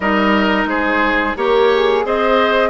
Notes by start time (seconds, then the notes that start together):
0.00 G3 D#4 A#4 D#5
0.65 G#3 G#4 C5
1.36 A#3 G4 A#4 C#5
1.74 G#4
2.03 C4 G#4 C5 D#5